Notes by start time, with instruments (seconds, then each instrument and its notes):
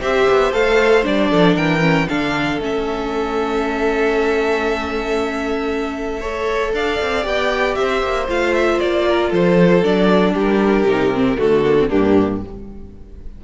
0.00 cello C4, viola G4, violin C5 E5
0.29 cello B3
0.52 cello A3, viola A4, violin F5
1.02 cello G3, viola D4, violin D5
1.30 cello F3, violin A4
1.55 cello E3, violin A#4 G5
1.80 viola C#4
2.08 cello D3, viola D4, violin A4 F5
2.59 cello A3, viola C#4, violin E5
6.20 viola A4, violin C#5
6.72 cello D4, violin D5 F5
7.01 cello C4
7.22 cello B3, viola G4, violin G5
7.74 cello C4, violin C5 E5
8.02 cello A#3
8.28 cello A3, viola F4, violin F5
8.53 violin E5
8.79 cello A#3, violin D5
9.07 violin A#4
9.29 cello F3, violin A4 C5
9.82 cello F#3, viola D4, violin D5
10.33 cello G3, violin G4
10.40 violin A#4
10.84 cello C3, viola D#4
11.14 viola C4
11.37 cello D3, viola A3, violin F#4 A4
11.64 viola A#3
11.79 viola C4
11.88 cello G2, viola A#3, violin D4 G4